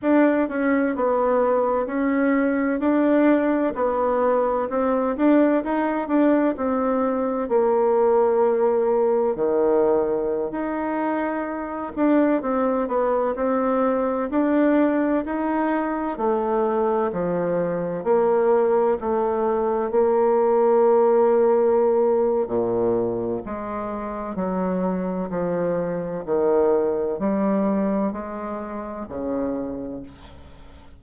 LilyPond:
\new Staff \with { instrumentName = "bassoon" } { \time 4/4 \tempo 4 = 64 d'8 cis'8 b4 cis'4 d'4 | b4 c'8 d'8 dis'8 d'8 c'4 | ais2 dis4~ dis16 dis'8.~ | dis'8. d'8 c'8 b8 c'4 d'8.~ |
d'16 dis'4 a4 f4 ais8.~ | ais16 a4 ais2~ ais8. | ais,4 gis4 fis4 f4 | dis4 g4 gis4 cis4 | }